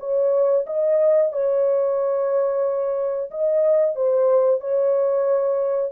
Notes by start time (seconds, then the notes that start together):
0.00 C#5
0.67 D#5
1.33 C#5
3.31 D#5
3.96 C5
4.61 C#5